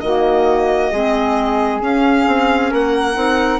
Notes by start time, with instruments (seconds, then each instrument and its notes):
0.00 bassoon D#3, clarinet A#3, flute F#4, violin D#5
0.91 bassoon G#3, clarinet C4, flute G#4
1.80 clarinet C#4, bassoon C#4, violin F5
2.27 bassoon C4
2.70 bassoon A#3, flute A#4, violin F#5
3.14 bassoon C4, clarinet D#4